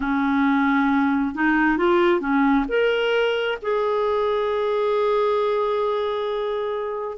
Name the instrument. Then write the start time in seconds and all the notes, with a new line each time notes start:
clarinet
0.00 C#4
1.34 D#4
1.77 F4
2.20 C#4
2.68 A#4
3.61 G#4